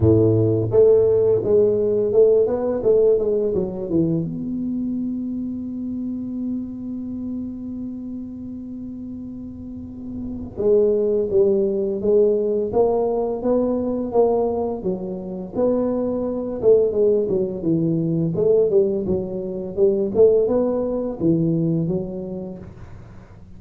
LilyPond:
\new Staff \with { instrumentName = "tuba" } { \time 4/4 \tempo 4 = 85 a,4 a4 gis4 a8 b8 | a8 gis8 fis8 e8 b2~ | b1~ | b2. gis4 |
g4 gis4 ais4 b4 | ais4 fis4 b4. a8 | gis8 fis8 e4 a8 g8 fis4 | g8 a8 b4 e4 fis4 | }